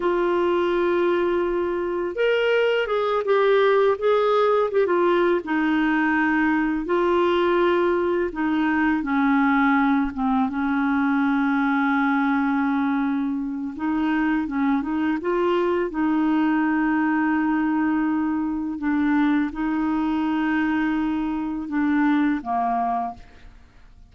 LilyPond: \new Staff \with { instrumentName = "clarinet" } { \time 4/4 \tempo 4 = 83 f'2. ais'4 | gis'8 g'4 gis'4 g'16 f'8. dis'8~ | dis'4. f'2 dis'8~ | dis'8 cis'4. c'8 cis'4.~ |
cis'2. dis'4 | cis'8 dis'8 f'4 dis'2~ | dis'2 d'4 dis'4~ | dis'2 d'4 ais4 | }